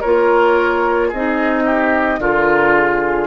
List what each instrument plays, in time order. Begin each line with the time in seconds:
0.00 bassoon A#3, clarinet F4, oboe A#4, flute C#5
1.08 bassoon C4, oboe G#4, flute D#5
1.15 clarinet D#4
1.65 oboe G4
2.19 bassoon D3, clarinet F4, oboe F4, flute A#4
2.75 flute G#4